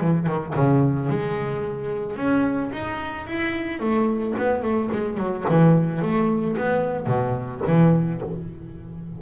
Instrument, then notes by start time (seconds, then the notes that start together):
double bass
0.00 E3
0.26 D#3
0.55 C#3
1.09 G#3
2.16 C#4
2.72 D#4
3.26 E4
3.79 A3
4.37 B3
4.62 A3
4.91 G#3
5.17 F#3
5.48 E3
6.01 A3
6.56 B3
7.06 B2
7.66 E3